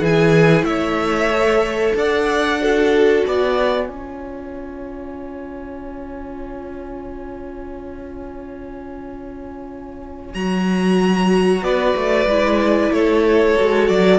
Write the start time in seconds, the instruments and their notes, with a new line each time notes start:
0.00 cello E3, viola E4, violin G#4 G#5
0.63 cello A3, violin C#5 E5
1.33 viola A4
1.95 cello D4, violin D5 F#5
2.60 viola F#4, violin A4
3.26 cello B3, violin D5 G#5
3.86 cello C#4, viola F4, violin C#5
10.34 cello F#3, viola F#4, violin A#5
11.61 cello B3, violin B4 D5
11.95 cello A3
12.26 cello G#3, viola E4
12.90 cello A3, violin A4 C#5
13.57 cello G#3, viola F#4
13.88 cello F#3, violin D5